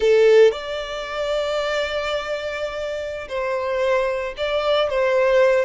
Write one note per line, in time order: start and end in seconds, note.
0.00 0.51 A4
0.51 3.28 D5
3.28 4.33 C5
4.37 4.89 D5
4.89 5.65 C5